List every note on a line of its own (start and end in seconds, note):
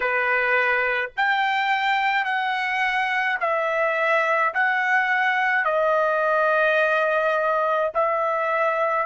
0.00 1.10 B4
1.16 2.24 G5
2.24 3.38 F#5
3.40 4.53 E5
4.53 5.64 F#5
5.64 7.91 D#5
7.94 9.06 E5